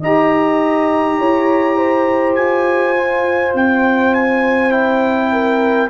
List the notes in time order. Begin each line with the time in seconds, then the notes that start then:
0.00 D#4 G4 D#5 A#5
1.18 E4 C#5
1.76 C5
2.35 F4 G#5
2.96 F4
3.54 C4 G5
4.14 G#5
4.71 E4 G5
5.32 A#4